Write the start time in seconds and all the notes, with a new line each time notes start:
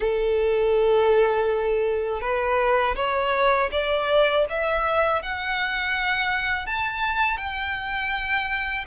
0.00 A4
2.21 B4
2.95 C#5
3.71 D5
4.49 E5
5.22 F#5
6.66 A5
7.37 G5